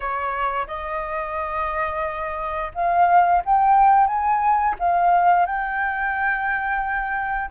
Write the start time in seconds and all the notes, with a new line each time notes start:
0.00 C#5
0.67 D#5
2.74 F5
3.45 G5
4.07 G#5
4.79 F5
5.45 G5